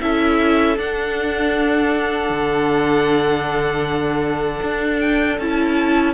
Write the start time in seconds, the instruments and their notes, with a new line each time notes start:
0.00 cello C#4, viola E4, violin A4 E5
0.77 viola D4, cello D4, violin F#5
2.29 cello D3
4.62 cello D4
5.00 violin G5
5.39 cello C#4, viola E4, violin A5